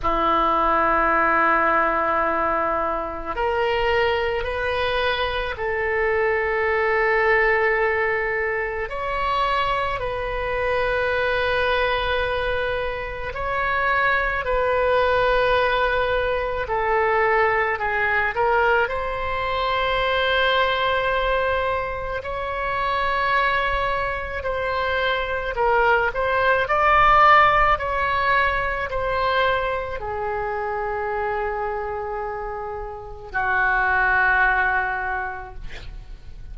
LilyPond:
\new Staff \with { instrumentName = "oboe" } { \time 4/4 \tempo 4 = 54 e'2. ais'4 | b'4 a'2. | cis''4 b'2. | cis''4 b'2 a'4 |
gis'8 ais'8 c''2. | cis''2 c''4 ais'8 c''8 | d''4 cis''4 c''4 gis'4~ | gis'2 fis'2 | }